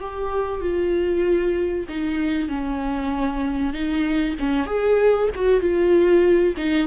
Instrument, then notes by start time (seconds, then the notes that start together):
viola
0.00 G4
0.61 F4
1.89 D#4
2.49 C#4
3.74 D#4
4.39 C#4
4.66 G#4
5.35 F#4
5.61 F4
6.57 D#4